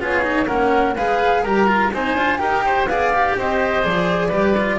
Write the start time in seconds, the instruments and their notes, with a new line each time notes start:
0.00 double bass B3, cello F4, oboe G#4, flute C#5
0.23 cello D#4
0.47 double bass A#3, cello C#4, oboe A#4, flute F#5
0.96 double bass G#3, cello G#4, oboe B4, flute F5
1.43 double bass G3, cello G4, oboe A#4, flute A#5
1.67 cello F4
1.93 double bass C4, cello D#4, oboe C5, flute G#5
2.15 double bass D4, cello F4
2.38 double bass D#4, cello G4, oboe A#4, flute G5
2.66 oboe C5
2.85 double bass B3, cello G#4, oboe D5, flute F5
3.14 cello G4
3.38 double bass C4, oboe C5, flute D#5
3.83 double bass F3, cello G#4, flute D5
4.28 double bass G3, cello G4, oboe B4
4.58 cello F4